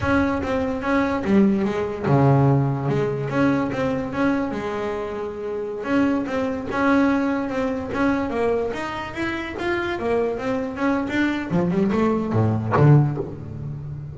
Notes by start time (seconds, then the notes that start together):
0.00 C#4
0.42 C4
0.82 C#4
1.24 G3
1.64 G#3
2.06 C#3
2.88 G#3
3.29 C#4
3.72 C4
4.12 C#4
4.51 G#3
5.84 C#4
6.26 C4
6.71 C#4
7.49 C4
7.93 C#4
8.30 A#3
8.73 D#4
9.14 E4
9.58 F4
9.99 A#3
10.37 C4
10.76 C#4
11.09 D4
11.50 F3
11.70 G3
11.91 A3
12.32 A2
12.76 D3